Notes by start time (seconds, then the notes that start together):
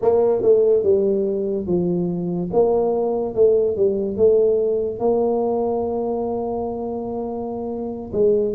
0.01 A#3
0.42 A3
0.83 G3
1.66 F3
2.52 A#3
3.34 A3
3.76 G3
4.16 A3
4.99 A#3
8.12 G#3